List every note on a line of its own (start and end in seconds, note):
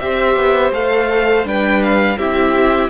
0.00 0.36 C4
0.00 0.73 G4
0.00 1.48 C5
0.00 0.72 E5
0.36 0.72 B3
0.73 1.45 A3
0.73 1.45 A4
0.73 1.47 F5
1.45 2.17 G3
1.45 2.17 D4
1.45 2.19 B4
1.45 1.83 G5
1.83 2.19 F5
2.18 2.90 C4
2.18 2.90 E4
2.18 2.90 G4
2.18 2.90 E5